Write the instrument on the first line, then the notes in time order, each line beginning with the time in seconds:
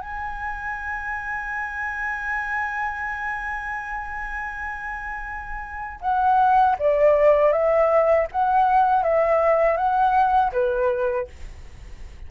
flute
0.00 G#5
6.01 F#5
6.79 D5
7.52 E5
8.32 F#5
9.03 E5
9.77 F#5
10.52 B4